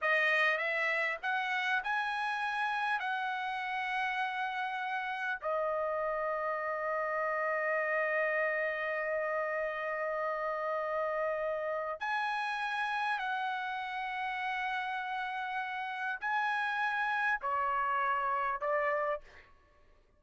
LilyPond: \new Staff \with { instrumentName = "trumpet" } { \time 4/4 \tempo 4 = 100 dis''4 e''4 fis''4 gis''4~ | gis''4 fis''2.~ | fis''4 dis''2.~ | dis''1~ |
dis''1 | gis''2 fis''2~ | fis''2. gis''4~ | gis''4 cis''2 d''4 | }